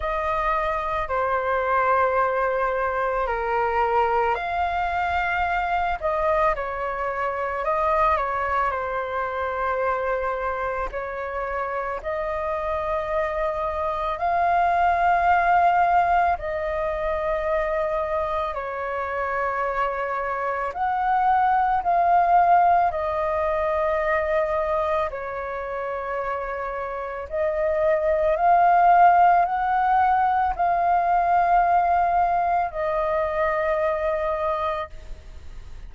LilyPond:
\new Staff \with { instrumentName = "flute" } { \time 4/4 \tempo 4 = 55 dis''4 c''2 ais'4 | f''4. dis''8 cis''4 dis''8 cis''8 | c''2 cis''4 dis''4~ | dis''4 f''2 dis''4~ |
dis''4 cis''2 fis''4 | f''4 dis''2 cis''4~ | cis''4 dis''4 f''4 fis''4 | f''2 dis''2 | }